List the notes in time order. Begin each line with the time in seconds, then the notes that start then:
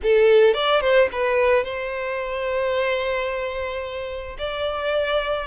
0.02 A4
0.54 D5
0.81 C5
1.12 B4
1.64 C5
4.38 D5